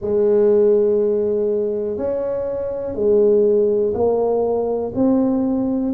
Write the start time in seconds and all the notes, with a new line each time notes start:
0.00 G#3
1.97 C#4
2.94 G#3
3.93 A#3
4.94 C4